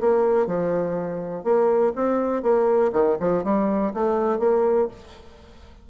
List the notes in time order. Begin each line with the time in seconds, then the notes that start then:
0.00 A#3
0.46 F3
1.44 A#3
1.95 C4
2.42 A#3
2.92 D#3
3.19 F3
3.43 G3
3.94 A3
4.39 A#3